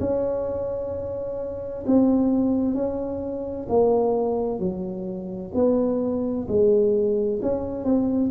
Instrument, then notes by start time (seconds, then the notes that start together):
tuba
0.00 C#4
1.86 C4
2.74 C#4
3.69 A#3
4.59 F#3
5.54 B3
6.48 G#3
7.42 C#4
7.84 C4